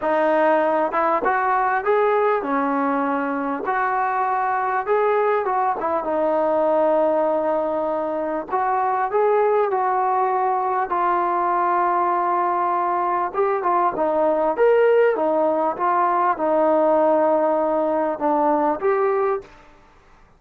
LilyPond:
\new Staff \with { instrumentName = "trombone" } { \time 4/4 \tempo 4 = 99 dis'4. e'8 fis'4 gis'4 | cis'2 fis'2 | gis'4 fis'8 e'8 dis'2~ | dis'2 fis'4 gis'4 |
fis'2 f'2~ | f'2 g'8 f'8 dis'4 | ais'4 dis'4 f'4 dis'4~ | dis'2 d'4 g'4 | }